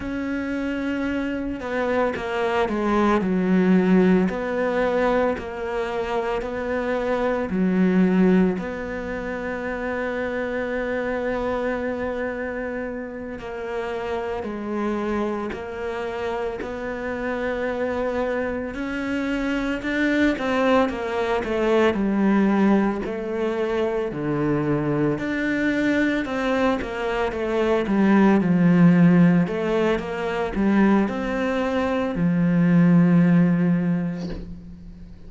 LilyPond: \new Staff \with { instrumentName = "cello" } { \time 4/4 \tempo 4 = 56 cis'4. b8 ais8 gis8 fis4 | b4 ais4 b4 fis4 | b1~ | b8 ais4 gis4 ais4 b8~ |
b4. cis'4 d'8 c'8 ais8 | a8 g4 a4 d4 d'8~ | d'8 c'8 ais8 a8 g8 f4 a8 | ais8 g8 c'4 f2 | }